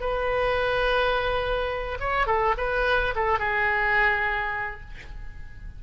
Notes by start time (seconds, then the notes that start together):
0.00 B4
2.00 C#5
2.26 A4
2.58 B4
3.15 A4
3.39 G#4